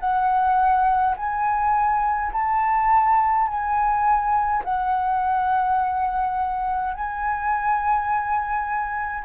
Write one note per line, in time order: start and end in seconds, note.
0.00 1.15 F#5
1.16 2.32 G#5
2.33 3.48 A5
3.48 4.63 G#5
4.65 6.94 F#5
6.94 9.25 G#5